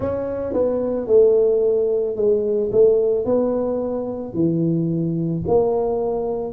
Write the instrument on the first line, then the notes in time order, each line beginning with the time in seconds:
tuba
0.00 C#4
0.53 B3
1.06 A3
2.16 G#3
2.72 A3
3.25 B3
4.33 E3
5.47 A#3